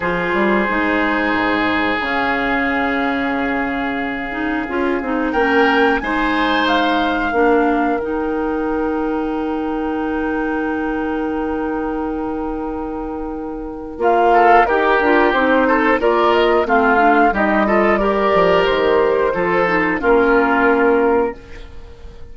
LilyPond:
<<
  \new Staff \with { instrumentName = "flute" } { \time 4/4 \tempo 4 = 90 c''2. f''4~ | f''1 | g''4 gis''4 f''2 | g''1~ |
g''1~ | g''4 f''4 ais'4 c''4 | d''8 dis''8 f''4 dis''4 d''4 | c''2 ais'2 | }
  \new Staff \with { instrumentName = "oboe" } { \time 4/4 gis'1~ | gis'1 | ais'4 c''2 ais'4~ | ais'1~ |
ais'1~ | ais'4. a'8 g'4. a'8 | ais'4 f'4 g'8 a'8 ais'4~ | ais'4 a'4 f'2 | }
  \new Staff \with { instrumentName = "clarinet" } { \time 4/4 f'4 dis'2 cis'4~ | cis'2~ cis'8 dis'8 f'8 dis'8 | cis'4 dis'2 d'4 | dis'1~ |
dis'1~ | dis'4 f'4 g'8 f'8 dis'4 | f'4 c'8 d'8 dis'8 f'8 g'4~ | g'4 f'8 dis'8 cis'2 | }
  \new Staff \with { instrumentName = "bassoon" } { \time 4/4 f8 g8 gis4 gis,4 cis4~ | cis2. cis'8 c'8 | ais4 gis2 ais4 | dis1~ |
dis1~ | dis4 ais4 dis'8 d'8 c'4 | ais4 a4 g4. f8 | dis4 f4 ais2 | }
>>